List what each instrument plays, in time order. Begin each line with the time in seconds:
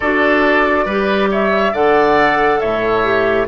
0.00 bassoon D4, clarinet F#4, oboe A4, flute D5
0.85 bassoon G3, clarinet G4, oboe B4
1.31 oboe C#5, flute E5
1.72 bassoon D3, clarinet A4, oboe D5, flute F#5
2.60 bassoon A2, oboe C#5, flute E5
3.03 clarinet G4